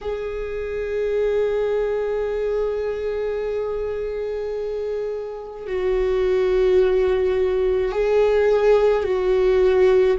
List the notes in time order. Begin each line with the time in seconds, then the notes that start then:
0.01 G#4
5.66 F#4
7.91 G#4
9.03 F#4